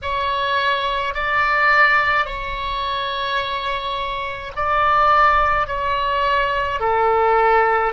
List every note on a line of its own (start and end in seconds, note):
0.02 1.14 C#5
1.14 2.25 D5
2.25 4.52 C#5
4.55 5.67 D5
5.67 6.80 C#5
6.80 7.92 A4